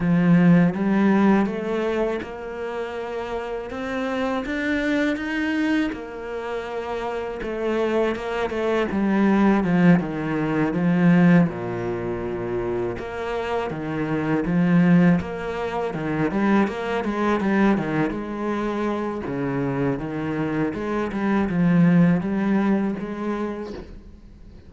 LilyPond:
\new Staff \with { instrumentName = "cello" } { \time 4/4 \tempo 4 = 81 f4 g4 a4 ais4~ | ais4 c'4 d'4 dis'4 | ais2 a4 ais8 a8 | g4 f8 dis4 f4 ais,8~ |
ais,4. ais4 dis4 f8~ | f8 ais4 dis8 g8 ais8 gis8 g8 | dis8 gis4. cis4 dis4 | gis8 g8 f4 g4 gis4 | }